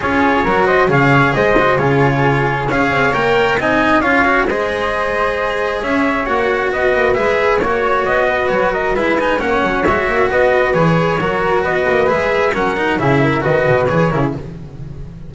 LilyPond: <<
  \new Staff \with { instrumentName = "trumpet" } { \time 4/4 \tempo 4 = 134 cis''4. dis''8 f''4 dis''4 | cis''2 f''4 g''4 | gis''4 f''4 dis''2~ | dis''4 e''4 fis''4 dis''4 |
e''4 cis''4 dis''4 cis''8 dis''8 | e''8 gis''8 fis''4 e''4 dis''4 | cis''2 dis''4 e''4 | fis''4 e''4 dis''4 cis''4 | }
  \new Staff \with { instrumentName = "flute" } { \time 4/4 gis'4 ais'8 c''8 cis''4 c''4 | gis'2 cis''2 | dis''4 cis''4 c''2~ | c''4 cis''2 b'4~ |
b'4 cis''4. b'4 ais'8 | b'4 cis''2 b'4~ | b'4 ais'4 b'2 | ais'4 gis'8 ais'8 b'4. ais'16 gis'16 | }
  \new Staff \with { instrumentName = "cello" } { \time 4/4 f'4 fis'4 gis'4. fis'8 | f'2 gis'4 ais'4 | dis'4 f'8 fis'8 gis'2~ | gis'2 fis'2 |
gis'4 fis'2. | e'8 dis'8 cis'4 fis'2 | gis'4 fis'2 gis'4 | cis'8 dis'8 e'4 fis'4 gis'8 e'8 | }
  \new Staff \with { instrumentName = "double bass" } { \time 4/4 cis'4 fis4 cis4 gis4 | cis2 cis'8 c'8 ais4 | c'4 cis'4 gis2~ | gis4 cis'4 ais4 b8 ais8 |
gis4 ais4 b4 fis4 | gis4 ais8 fis8 gis8 ais8 b4 | e4 fis4 b8 ais8 gis4 | fis4 cis4 dis8 b,8 e8 cis8 | }
>>